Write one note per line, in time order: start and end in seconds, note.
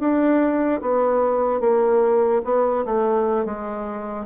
0.00 0.81 D4
0.81 1.61 B3
1.61 2.42 A#3
2.45 2.85 B3
2.86 3.45 A3
3.45 4.26 G#3